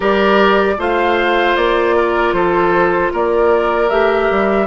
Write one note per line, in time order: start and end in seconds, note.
0.00 0.77 G3
0.00 0.75 G4
0.00 0.74 A#4
0.00 0.81 D5
0.77 1.55 A3
0.77 3.89 F4
0.77 1.96 C5
0.77 1.56 F5
1.56 2.32 A#3
1.56 2.33 D5
1.96 2.34 A#4
2.32 3.10 F3
2.32 3.12 A4
2.32 3.11 C5
3.12 3.90 A#3
3.12 4.67 A#4
3.12 3.89 D5
3.89 4.29 A3
3.89 4.67 G4
3.89 4.67 E5
4.30 4.67 G3